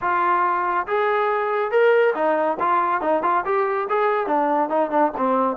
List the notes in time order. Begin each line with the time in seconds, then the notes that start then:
0.01 F4
0.87 G#4
1.71 A#4
2.14 D#4
2.59 F4
3.01 D#4
3.22 F4
3.45 G4
3.89 G#4
4.26 D4
4.69 D#4
4.90 D4
5.17 C4